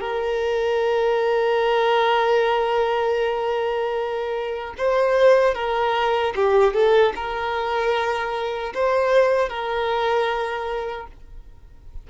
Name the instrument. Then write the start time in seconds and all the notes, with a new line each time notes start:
violin
0.00 A#4
4.77 C5
5.54 A#4
6.35 G4
6.73 A4
7.15 A#4
8.74 C5
9.49 A#4